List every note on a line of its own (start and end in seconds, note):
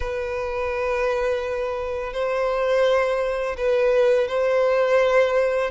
0.00 2.13 B4
2.13 3.56 C5
3.57 4.28 B4
4.28 5.70 C5